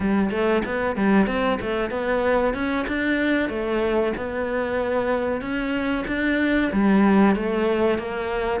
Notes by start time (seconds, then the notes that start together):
0.00 G3
0.30 A3
0.65 B3
0.96 G3
1.26 C4
1.61 A3
1.90 B3
2.54 C#4
2.87 D4
3.49 A3
4.16 B3
5.41 C#4
6.07 D4
6.72 G3
7.35 A3
7.98 A#3